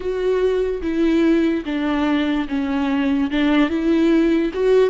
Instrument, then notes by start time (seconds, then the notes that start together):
viola
0.00 F#4
0.81 E4
1.65 D4
2.48 C#4
3.31 D4
3.69 E4
4.53 F#4